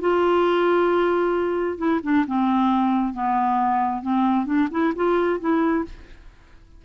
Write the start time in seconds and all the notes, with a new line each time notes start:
0.00 F4
1.77 E4
2.03 D4
2.27 C4
3.13 B3
4.02 C4
4.46 D4
4.71 E4
4.95 F4
5.40 E4